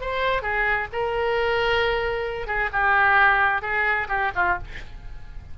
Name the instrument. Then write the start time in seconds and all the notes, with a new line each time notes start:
oboe
0.00 C5
0.42 G#4
0.92 A#4
2.46 G#4
2.72 G4
3.62 G#4
4.08 G4
4.35 F4